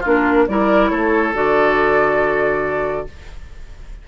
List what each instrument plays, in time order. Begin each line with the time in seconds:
0.00 bassoon A#3, clarinet D4, oboe F4, flute A#4
0.47 bassoon G3, clarinet E4, oboe A#4, flute D5
0.90 bassoon A3, oboe A4, flute C#5
1.33 bassoon D3, clarinet F#4, flute D5